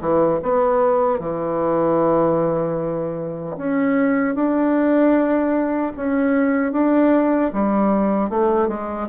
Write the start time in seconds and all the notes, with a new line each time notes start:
0.00 E3
0.42 B3
1.19 E3
3.57 C#4
4.35 D4
5.96 C#4
6.72 D4
7.53 G3
8.29 A3
8.68 G#3